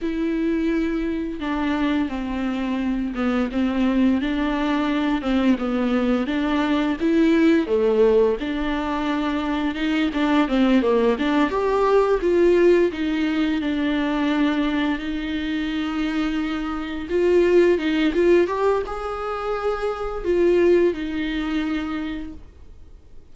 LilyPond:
\new Staff \with { instrumentName = "viola" } { \time 4/4 \tempo 4 = 86 e'2 d'4 c'4~ | c'8 b8 c'4 d'4. c'8 | b4 d'4 e'4 a4 | d'2 dis'8 d'8 c'8 ais8 |
d'8 g'4 f'4 dis'4 d'8~ | d'4. dis'2~ dis'8~ | dis'8 f'4 dis'8 f'8 g'8 gis'4~ | gis'4 f'4 dis'2 | }